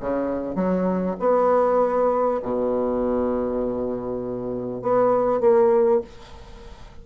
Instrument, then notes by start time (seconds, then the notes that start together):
bassoon
0.00 C#3
0.55 F#3
1.20 B3
2.42 B2
4.82 B3
5.40 A#3